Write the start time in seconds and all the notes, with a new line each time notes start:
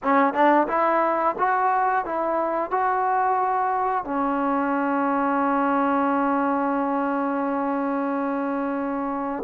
0.03 C#4
0.33 D4
0.68 E4
1.38 F#4
2.05 E4
2.70 F#4
4.04 C#4